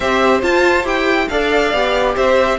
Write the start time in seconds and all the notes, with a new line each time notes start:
0.00 C4 G4 C5 E5
0.42 F4 A5
0.84 E4 G4 G5
1.28 D4 A4 D5 F5
1.73 B3 G4
2.15 C4 C5 E5